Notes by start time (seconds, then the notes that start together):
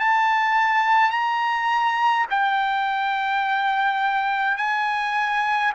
0.00 A5
1.11 A#5
2.30 G5
4.57 G#5